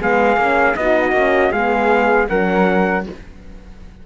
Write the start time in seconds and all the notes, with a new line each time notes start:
0.00 G#3 B3 G#4 F5
0.37 A#3 C#4
0.76 B3 D#4 F#4 D#5
1.12 A#3 C#4
1.52 G#3 B3 G#4 F5
2.29 F#3 C#4 A#4 F#5